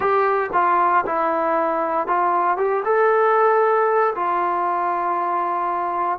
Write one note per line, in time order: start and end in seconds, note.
0.00 0.50 G4
0.53 1.04 F4
1.06 2.07 E4
2.07 2.57 F4
2.57 2.83 G4
2.84 4.14 A4
4.15 6.18 F4